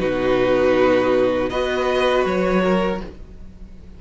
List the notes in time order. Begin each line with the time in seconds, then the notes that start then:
0.00 B2 D#4 F#4 B4
1.50 B3 F#4 B4 D#5
2.26 F#3 C#5
2.64 A#4